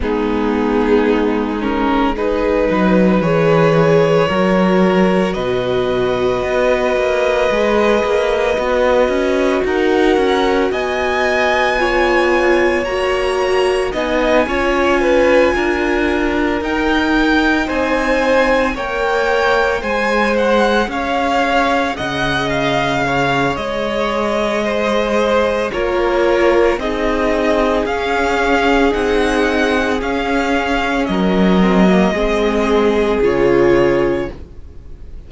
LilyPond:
<<
  \new Staff \with { instrumentName = "violin" } { \time 4/4 \tempo 4 = 56 gis'4. ais'8 b'4 cis''4~ | cis''4 dis''2.~ | dis''4 fis''4 gis''2 | ais''4 gis''2~ gis''8 g''8~ |
g''8 gis''4 g''4 gis''8 fis''8 f''8~ | f''8 fis''8 f''4 dis''2 | cis''4 dis''4 f''4 fis''4 | f''4 dis''2 cis''4 | }
  \new Staff \with { instrumentName = "violin" } { \time 4/4 dis'2 gis'8 b'4. | ais'4 b'2.~ | b'4 ais'4 dis''4 cis''4~ | cis''4 dis''8 cis''8 b'8 ais'4.~ |
ais'8 c''4 cis''4 c''4 cis''8~ | cis''8 dis''4 cis''4. c''4 | ais'4 gis'2.~ | gis'4 ais'4 gis'2 | }
  \new Staff \with { instrumentName = "viola" } { \time 4/4 b4. cis'8 dis'4 gis'4 | fis'2. gis'4 | fis'2. f'4 | fis'4 dis'8 f'2 dis'8~ |
dis'4. ais'4 gis'4.~ | gis'1 | f'4 dis'4 cis'4 dis'4 | cis'4. c'16 ais16 c'4 f'4 | }
  \new Staff \with { instrumentName = "cello" } { \time 4/4 gis2~ gis8 fis8 e4 | fis4 b,4 b8 ais8 gis8 ais8 | b8 cis'8 dis'8 cis'8 b2 | ais4 b8 cis'4 d'4 dis'8~ |
dis'8 c'4 ais4 gis4 cis'8~ | cis'8 cis4. gis2 | ais4 c'4 cis'4 c'4 | cis'4 fis4 gis4 cis4 | }
>>